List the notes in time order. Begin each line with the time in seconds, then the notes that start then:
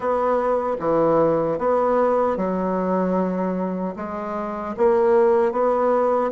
0.00 B3
0.79 E3
1.58 B3
2.36 F#3
3.96 G#3
4.77 A#3
5.52 B3